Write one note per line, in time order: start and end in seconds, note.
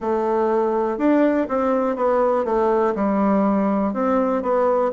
0.00 0.98 A3
0.98 1.47 D4
1.48 1.96 C4
1.96 2.44 B3
2.44 2.93 A3
2.95 3.93 G3
3.93 4.42 C4
4.42 4.91 B3